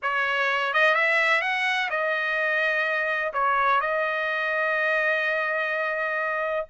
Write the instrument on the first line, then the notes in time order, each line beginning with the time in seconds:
trumpet
0.02 C#5
0.73 D#5
0.94 E5
1.41 F#5
1.89 D#5
3.33 C#5
3.81 D#5